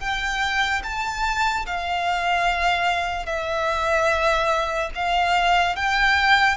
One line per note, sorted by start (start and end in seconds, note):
0.00 0.82 G5
0.84 1.66 A5
1.66 3.26 F5
3.26 4.90 E5
4.95 5.76 F5
5.76 6.57 G5